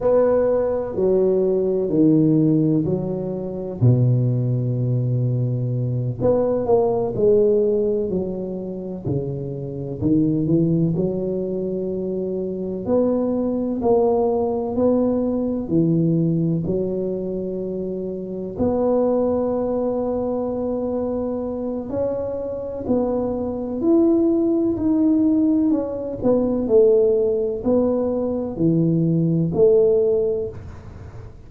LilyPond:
\new Staff \with { instrumentName = "tuba" } { \time 4/4 \tempo 4 = 63 b4 fis4 dis4 fis4 | b,2~ b,8 b8 ais8 gis8~ | gis8 fis4 cis4 dis8 e8 fis8~ | fis4. b4 ais4 b8~ |
b8 e4 fis2 b8~ | b2. cis'4 | b4 e'4 dis'4 cis'8 b8 | a4 b4 e4 a4 | }